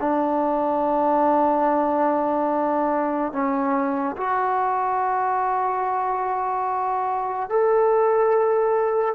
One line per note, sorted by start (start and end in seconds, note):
0.00 3.33 D4
3.33 4.16 C#4
4.17 7.49 F#4
7.49 9.15 A4